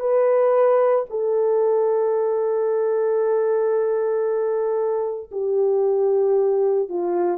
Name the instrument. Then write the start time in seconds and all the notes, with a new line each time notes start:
horn
0.00 B4
1.10 A4
5.32 G4
6.89 F4